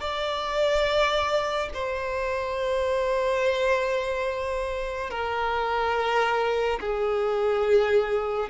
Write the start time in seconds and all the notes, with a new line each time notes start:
0.00 D5
1.74 C5
5.10 A#4
6.80 G#4